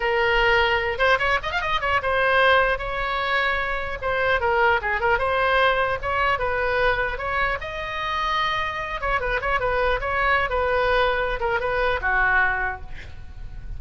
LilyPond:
\new Staff \with { instrumentName = "oboe" } { \time 4/4 \tempo 4 = 150 ais'2~ ais'8 c''8 cis''8 dis''16 f''16 | dis''8 cis''8 c''2 cis''4~ | cis''2 c''4 ais'4 | gis'8 ais'8 c''2 cis''4 |
b'2 cis''4 dis''4~ | dis''2~ dis''8 cis''8 b'8 cis''8 | b'4 cis''4~ cis''16 b'4.~ b'16~ | b'8 ais'8 b'4 fis'2 | }